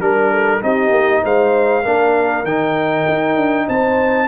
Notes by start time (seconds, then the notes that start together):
0.00 G3 D4 A#4
0.32 A4
0.61 C4 D#4 G4 D#5
0.91 A#3
1.23 G#3 C5 F5
1.83 A#3 D4 A#4
2.44 D#3 D#4 G5
3.08 D#4
3.37 D4
3.66 C4 C5 A5